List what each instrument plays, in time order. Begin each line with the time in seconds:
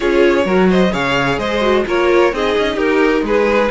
0.00 cello C#4, viola F4, violin G#4 C#5
0.45 cello F#3, viola F#4, violin A#4
0.69 violin C5 D#5
0.92 cello C#3, viola G#4, violin C#5 F5
1.38 cello G#3, violin C5 D#5
1.61 viola F#4
1.86 cello A#3, viola F4, violin A#4 C#5
2.32 cello C4, viola D#4, violin G#4 D#5
2.57 cello C#4
2.74 cello D#4, violin G4 A#4
3.22 cello G#3, violin G#4 B4